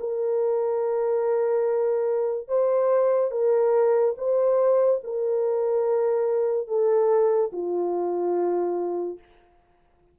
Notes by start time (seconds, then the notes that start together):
0.00 A#4
2.48 C5
3.31 A#4
4.17 C5
5.04 A#4
6.67 A4
7.52 F4